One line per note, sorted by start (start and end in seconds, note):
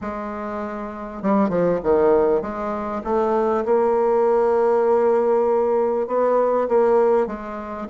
0.01 1.22 G#3
1.22 1.49 G3
1.49 1.79 F3
1.83 2.41 D#3
2.41 3.02 G#3
3.04 3.64 A3
3.65 6.07 A#3
6.07 6.67 B3
6.68 7.26 A#3
7.26 7.87 G#3